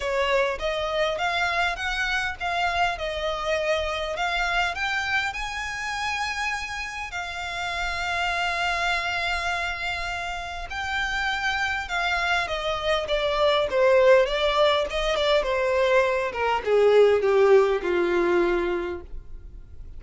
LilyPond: \new Staff \with { instrumentName = "violin" } { \time 4/4 \tempo 4 = 101 cis''4 dis''4 f''4 fis''4 | f''4 dis''2 f''4 | g''4 gis''2. | f''1~ |
f''2 g''2 | f''4 dis''4 d''4 c''4 | d''4 dis''8 d''8 c''4. ais'8 | gis'4 g'4 f'2 | }